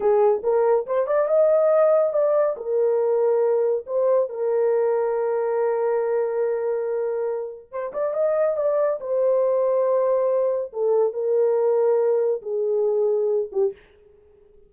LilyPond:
\new Staff \with { instrumentName = "horn" } { \time 4/4 \tempo 4 = 140 gis'4 ais'4 c''8 d''8 dis''4~ | dis''4 d''4 ais'2~ | ais'4 c''4 ais'2~ | ais'1~ |
ais'2 c''8 d''8 dis''4 | d''4 c''2.~ | c''4 a'4 ais'2~ | ais'4 gis'2~ gis'8 g'8 | }